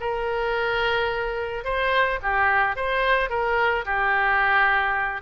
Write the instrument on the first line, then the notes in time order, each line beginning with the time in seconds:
oboe
0.00 A#4
1.64 C5
2.22 G4
2.76 C5
3.30 A#4
3.85 G4